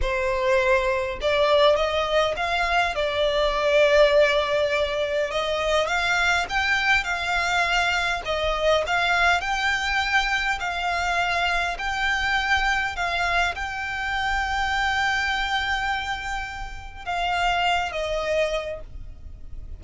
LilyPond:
\new Staff \with { instrumentName = "violin" } { \time 4/4 \tempo 4 = 102 c''2 d''4 dis''4 | f''4 d''2.~ | d''4 dis''4 f''4 g''4 | f''2 dis''4 f''4 |
g''2 f''2 | g''2 f''4 g''4~ | g''1~ | g''4 f''4. dis''4. | }